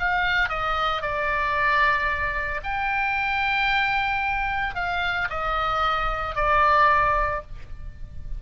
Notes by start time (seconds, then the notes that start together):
0.00 F5
0.49 D#5
1.02 D5
2.64 G5
4.75 F5
5.30 D#5
6.36 D5